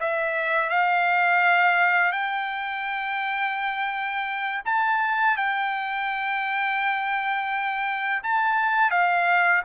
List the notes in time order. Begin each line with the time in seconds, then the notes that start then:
0.00 E5
0.70 F5
2.12 G5
4.65 A5
5.37 G5
8.23 A5
8.91 F5